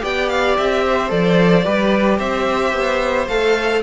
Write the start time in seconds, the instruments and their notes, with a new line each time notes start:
0.00 cello B3, viola G4, violin D5 G5
0.29 violin F5
0.57 cello C4, violin E5
0.85 violin C5
1.08 cello F3, viola A4, violin D5
1.63 cello G3, viola G4, violin B4
2.18 cello C4, violin C5 E5
2.72 cello B3
3.27 cello A3, viola A4, violin F5